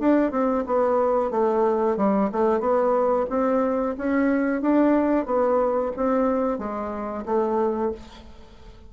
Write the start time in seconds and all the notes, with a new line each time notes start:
0.00 D4
0.31 C4
0.67 B3
1.31 A3
1.97 G3
2.32 A3
2.60 B3
3.30 C4
3.98 C#4
4.62 D4
5.26 B3
5.97 C4
6.59 G#3
7.26 A3